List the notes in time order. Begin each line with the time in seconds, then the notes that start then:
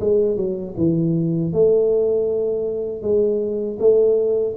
0.00 G#3
0.36 F#3
0.77 E3
1.52 A3
3.02 G#3
3.79 A3